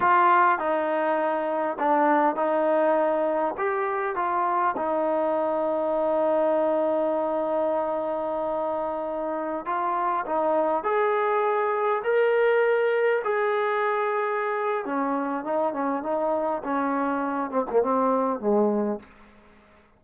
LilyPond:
\new Staff \with { instrumentName = "trombone" } { \time 4/4 \tempo 4 = 101 f'4 dis'2 d'4 | dis'2 g'4 f'4 | dis'1~ | dis'1~ |
dis'16 f'4 dis'4 gis'4.~ gis'16~ | gis'16 ais'2 gis'4.~ gis'16~ | gis'4 cis'4 dis'8 cis'8 dis'4 | cis'4. c'16 ais16 c'4 gis4 | }